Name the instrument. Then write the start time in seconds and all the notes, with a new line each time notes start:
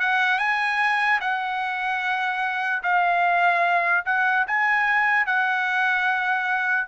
trumpet
0.00 F#5
0.39 G#5
1.21 F#5
2.83 F5
4.06 F#5
4.47 G#5
5.27 F#5